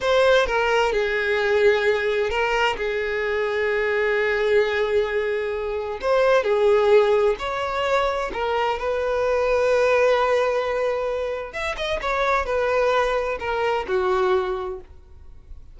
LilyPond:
\new Staff \with { instrumentName = "violin" } { \time 4/4 \tempo 4 = 130 c''4 ais'4 gis'2~ | gis'4 ais'4 gis'2~ | gis'1~ | gis'4 c''4 gis'2 |
cis''2 ais'4 b'4~ | b'1~ | b'4 e''8 dis''8 cis''4 b'4~ | b'4 ais'4 fis'2 | }